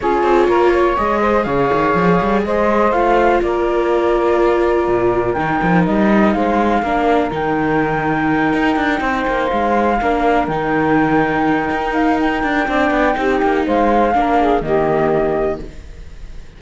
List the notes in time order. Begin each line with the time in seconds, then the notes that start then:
0.00 C#4 F4 G#4 C#5
0.23 C4
0.47 A#3 A#4
0.72 C#5
0.96 G#3 G#4 D#5
1.21 C5
1.43 C#3 C#5 F5
1.72 D#3
1.94 F3
2.21 G3
2.45 G#3 C5 D#5
2.91 A3 F4 F5
3.41 A#3 A#4 D5
4.87 A#2
5.33 D#3 D#4 G5
5.62 F3
5.84 G3 D#5
6.32 G#3 C5 F5
6.82 A#3 D4 A#4
7.30 D#3 D#4 G5
8.53 D#4
8.76 D4
9.00 C4 C5
9.27 A#3
9.48 G#3 F5
10.00 A#3 D4 A#4
10.47 D#3 D#4 G5
11.70 D#4
11.93 F5
12.20 G5
12.43 D4
12.66 C4 D4 D5
12.90 B3
13.14 C4 D#4 G4
13.42 A#3
13.65 G#3 C5 F5
14.14 A#3 D4 A#4
14.38 G#4
14.61 D#3 A#3 G4 D#5